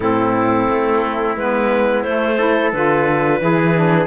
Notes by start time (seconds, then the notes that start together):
0.00 A2 C4 E4 A4
0.69 A3
1.36 G#3 B3 B4
2.02 A3 C5
2.36 E4 A4
2.72 D3 F4 B4
3.39 E3 E4 G#4
3.75 D4